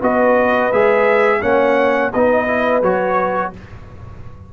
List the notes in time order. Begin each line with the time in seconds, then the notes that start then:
0.00 B3 F#4 B4 D#5
0.72 G#3 G#4 E5
1.42 A#3 C#4 C#5 F#5
2.13 B3 D#4 B4 D#5
2.48 E4
2.83 F#3 F#4 C#5